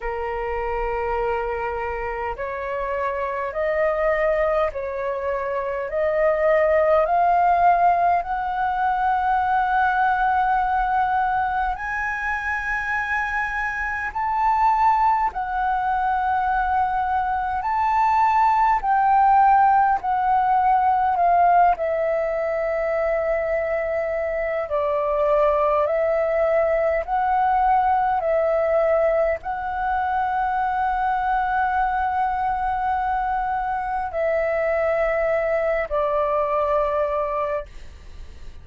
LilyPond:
\new Staff \with { instrumentName = "flute" } { \time 4/4 \tempo 4 = 51 ais'2 cis''4 dis''4 | cis''4 dis''4 f''4 fis''4~ | fis''2 gis''2 | a''4 fis''2 a''4 |
g''4 fis''4 f''8 e''4.~ | e''4 d''4 e''4 fis''4 | e''4 fis''2.~ | fis''4 e''4. d''4. | }